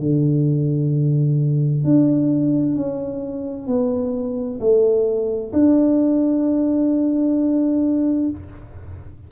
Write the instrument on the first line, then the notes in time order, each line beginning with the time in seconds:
tuba
0.00 D3
1.85 D4
2.76 C#4
3.68 B3
4.60 A3
5.53 D4